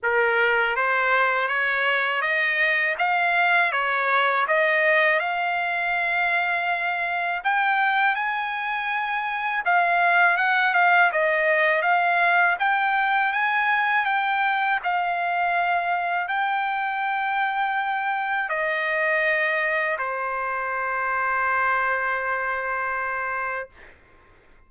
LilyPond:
\new Staff \with { instrumentName = "trumpet" } { \time 4/4 \tempo 4 = 81 ais'4 c''4 cis''4 dis''4 | f''4 cis''4 dis''4 f''4~ | f''2 g''4 gis''4~ | gis''4 f''4 fis''8 f''8 dis''4 |
f''4 g''4 gis''4 g''4 | f''2 g''2~ | g''4 dis''2 c''4~ | c''1 | }